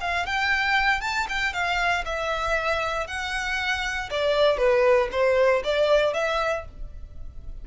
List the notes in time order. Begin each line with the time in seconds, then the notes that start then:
0.00 F5
0.25 G5
1.01 A5
1.28 G5
1.53 F5
2.05 E5
3.07 F#5
4.10 D5
4.57 B4
5.11 C5
5.63 D5
6.13 E5